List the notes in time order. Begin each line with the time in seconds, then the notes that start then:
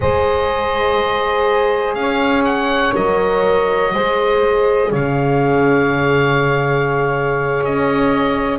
0.00 G#3 G#4 C5 D#5
1.94 C#4 F5
2.00 C#5
2.44 F#5
2.95 F#3 A#4 D#5
3.93 G#3 G#4 C5
4.90 C#3 C#5 F5
7.63 C#4 D#5